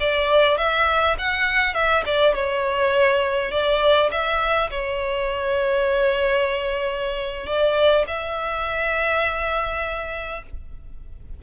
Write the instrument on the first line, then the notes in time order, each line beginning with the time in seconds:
violin
0.00 D5
0.58 E5
1.18 F#5
1.74 E5
2.06 D5
2.34 C#5
3.51 D5
4.11 E5
4.71 C#5
7.47 D5
8.07 E5